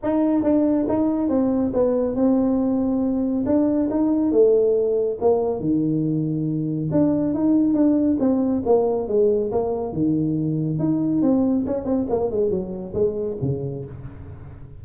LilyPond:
\new Staff \with { instrumentName = "tuba" } { \time 4/4 \tempo 4 = 139 dis'4 d'4 dis'4 c'4 | b4 c'2. | d'4 dis'4 a2 | ais4 dis2. |
d'4 dis'4 d'4 c'4 | ais4 gis4 ais4 dis4~ | dis4 dis'4 c'4 cis'8 c'8 | ais8 gis8 fis4 gis4 cis4 | }